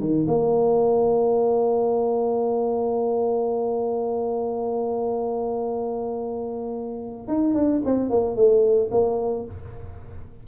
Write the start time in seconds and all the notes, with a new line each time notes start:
0.00 D#3
0.28 A#3
7.28 D#4
7.55 D4
7.86 C4
8.10 A#3
8.36 A3
8.91 A#3